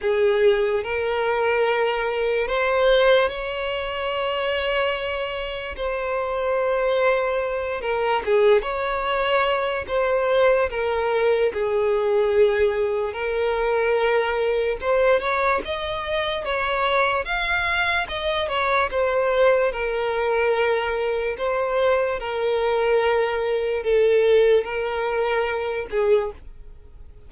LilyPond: \new Staff \with { instrumentName = "violin" } { \time 4/4 \tempo 4 = 73 gis'4 ais'2 c''4 | cis''2. c''4~ | c''4. ais'8 gis'8 cis''4. | c''4 ais'4 gis'2 |
ais'2 c''8 cis''8 dis''4 | cis''4 f''4 dis''8 cis''8 c''4 | ais'2 c''4 ais'4~ | ais'4 a'4 ais'4. gis'8 | }